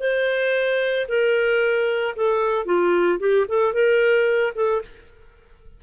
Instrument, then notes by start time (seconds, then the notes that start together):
clarinet
0.00 C5
1.08 A#4
2.16 A4
2.65 F4
3.20 G4
3.48 A4
3.74 A#4
4.55 A4